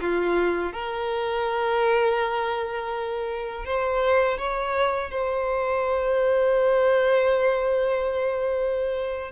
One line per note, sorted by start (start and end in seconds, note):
0.00 0.73 F4
0.73 3.65 A#4
3.65 4.38 C5
4.38 5.11 C#5
5.11 9.31 C5